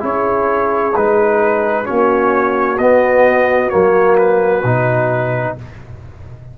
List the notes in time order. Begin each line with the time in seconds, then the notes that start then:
0.00 C#4 E4 G#4 C#5
0.96 G#3 D#4 B4
1.85 A#3 C#4 F#4 C#5
2.79 B3 D#5
3.70 F#3 A#3 C#5
4.18 B4
4.64 B2 D#4